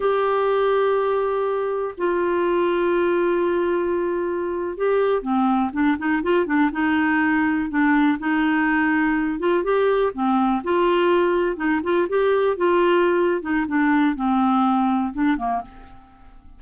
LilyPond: \new Staff \with { instrumentName = "clarinet" } { \time 4/4 \tempo 4 = 123 g'1 | f'1~ | f'4.~ f'16 g'4 c'4 d'16~ | d'16 dis'8 f'8 d'8 dis'2 d'16~ |
d'8. dis'2~ dis'8 f'8 g'16~ | g'8. c'4 f'2 dis'16~ | dis'16 f'8 g'4 f'4.~ f'16 dis'8 | d'4 c'2 d'8 ais8 | }